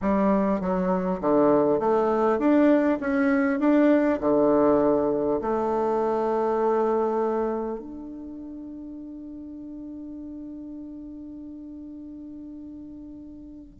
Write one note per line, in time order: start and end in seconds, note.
0.01 0.60 G3
0.60 1.20 F#3
1.20 1.79 D3
1.79 2.38 A3
2.38 2.98 D4
3.00 3.59 C#4
3.59 4.19 D4
4.20 5.40 D3
5.41 7.79 A3
7.79 13.79 D4